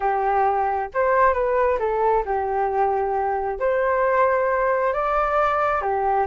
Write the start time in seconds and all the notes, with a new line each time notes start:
0.00 G4
0.94 C5
1.33 B4
1.79 A4
2.25 G4
3.59 C5
4.93 D5
5.81 G4